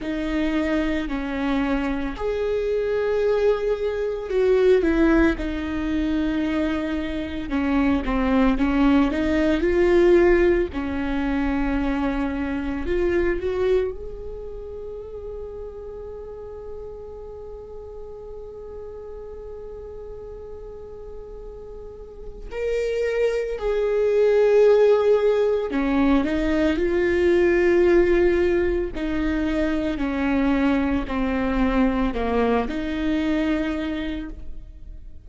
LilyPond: \new Staff \with { instrumentName = "viola" } { \time 4/4 \tempo 4 = 56 dis'4 cis'4 gis'2 | fis'8 e'8 dis'2 cis'8 c'8 | cis'8 dis'8 f'4 cis'2 | f'8 fis'8 gis'2.~ |
gis'1~ | gis'4 ais'4 gis'2 | cis'8 dis'8 f'2 dis'4 | cis'4 c'4 ais8 dis'4. | }